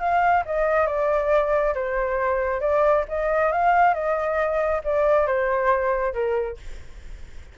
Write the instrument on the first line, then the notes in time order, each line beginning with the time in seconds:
flute
0.00 F5
0.46 D#5
0.87 D5
1.75 C5
2.61 D5
3.09 D#5
3.53 F5
3.94 D#5
4.84 D5
5.27 C5
6.14 A#4